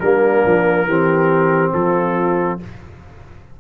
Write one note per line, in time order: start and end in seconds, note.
0.00 0.44 G3
0.00 0.89 A#3
0.00 0.87 D4
0.00 1.71 A#4
0.46 0.86 F3
0.86 1.72 E3
0.86 2.60 C4
0.86 1.72 G4
1.73 2.59 F3
1.73 2.60 F4
1.73 2.59 A4